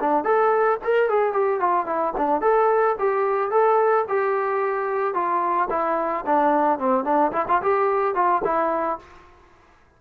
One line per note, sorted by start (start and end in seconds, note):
0.00 0.24 D4
0.24 0.78 A4
0.84 1.09 A#4
1.09 1.33 G#4
1.33 1.60 G4
1.60 1.86 F4
1.86 2.13 E4
2.17 2.41 D4
2.41 2.96 A4
2.99 3.51 G4
3.51 4.05 A4
4.08 5.14 G4
5.14 5.69 F4
5.70 6.25 E4
6.26 6.79 D4
6.79 7.04 C4
7.04 7.31 D4
7.32 7.45 E4
7.48 7.62 F4
7.62 8.15 G4
8.15 8.42 F4
8.44 8.99 E4